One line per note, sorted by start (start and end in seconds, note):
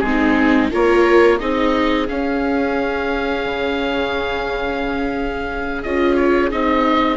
0.00 0.71 G#3
0.00 0.72 C4
0.00 0.68 G#4
0.07 0.72 D#4
0.72 1.41 A#3
0.72 1.40 F4
0.72 1.38 A#4
0.72 1.39 C#5
1.38 2.09 C4
1.38 2.08 D#4
1.38 7.18 G#4
1.38 2.08 D#5
2.09 5.84 C#4
2.09 3.45 C#4
2.09 5.83 F5
3.45 5.84 C#3
5.83 6.52 C#4
5.83 6.51 F4
5.83 6.16 D#5
6.16 6.50 C#5
6.51 7.18 C4
6.51 7.18 D#4
6.51 7.18 D#5